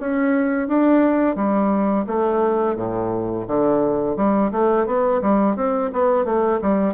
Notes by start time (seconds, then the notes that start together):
0.00 C#4
0.68 D4
1.35 G3
2.07 A3
2.76 A2
3.47 D3
4.16 G3
4.52 A3
4.86 B3
5.21 G3
5.56 C4
5.93 B3
6.25 A3
6.62 G3